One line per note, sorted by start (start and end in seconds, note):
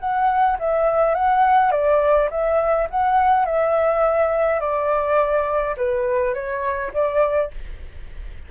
0.00 0.58 F#5
0.59 1.15 E5
1.15 1.72 F#5
1.72 2.29 D5
2.31 2.88 E5
2.90 3.45 F#5
3.45 4.60 E5
4.60 5.76 D5
5.77 6.34 B4
6.34 6.92 C#5
6.94 7.51 D5